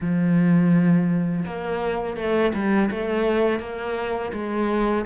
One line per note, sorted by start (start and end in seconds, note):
0.00 1.45 F3
1.45 2.17 A#3
2.17 2.53 A3
2.54 2.90 G3
2.90 3.59 A3
3.59 4.31 A#3
4.32 5.05 G#3